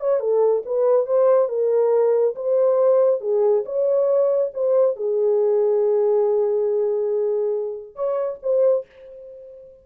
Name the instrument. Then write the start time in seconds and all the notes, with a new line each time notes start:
horn
0.00 C#5
0.19 A4
0.65 B4
1.06 C5
1.48 A#4
2.35 C5
3.20 G#4
3.65 C#5
4.53 C5
4.96 G#4
7.95 C#5
8.42 C5